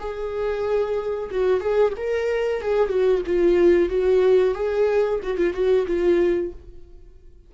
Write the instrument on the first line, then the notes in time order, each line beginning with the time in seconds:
viola
0.00 G#4
1.32 F#4
1.61 G#4
1.97 A#4
2.62 G#4
2.89 F#4
3.27 F4
3.90 F#4
4.55 G#4
5.23 F#4
5.38 F4
5.54 F#4
5.87 F4